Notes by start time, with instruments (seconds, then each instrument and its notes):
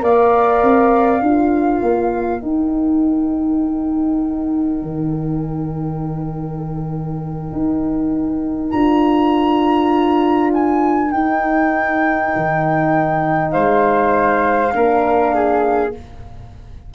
0.00 tuba A#3, horn A#4, flute D5 F5
0.63 tuba C4
1.21 tuba D4, horn F4, flute A#4
1.82 tuba A#3
2.41 horn D#4, tuba D#4, flute G5
4.82 tuba D#3
7.53 tuba D#4
8.71 tuba D4, horn F4, flute A#5
10.54 flute G#5
11.11 horn D#4, tuba D#4, flute G5
12.37 tuba D#3
13.52 tuba G#3, flute C5 F5
14.73 tuba A#3, horn D4, flute A#4
15.35 flute G#4